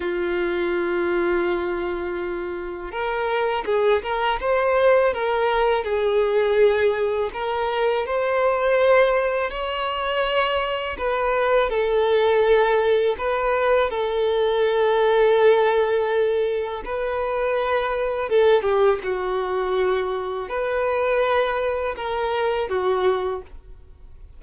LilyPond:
\new Staff \with { instrumentName = "violin" } { \time 4/4 \tempo 4 = 82 f'1 | ais'4 gis'8 ais'8 c''4 ais'4 | gis'2 ais'4 c''4~ | c''4 cis''2 b'4 |
a'2 b'4 a'4~ | a'2. b'4~ | b'4 a'8 g'8 fis'2 | b'2 ais'4 fis'4 | }